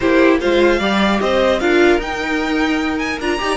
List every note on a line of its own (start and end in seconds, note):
0.00 0.42 A#3
0.00 0.41 E4
0.00 0.39 G4
0.00 0.38 C5
0.39 0.79 G#3
0.39 0.79 F4
0.39 0.79 C5
0.39 1.20 F5
0.79 1.19 G3
0.79 1.59 G4
0.79 1.19 D5
1.20 1.60 C4
1.20 1.60 C5
1.20 1.59 D#5
1.59 1.98 D4
1.59 2.00 F4
1.59 3.40 A#4
1.59 1.99 F5
1.98 3.18 D#4
1.98 3.20 D#4
1.98 2.98 G5
2.98 3.18 G#5
3.19 3.39 D4
3.19 3.38 F4
3.19 3.57 A#5
3.38 3.57 D#4
3.38 3.57 G4
3.38 3.57 D5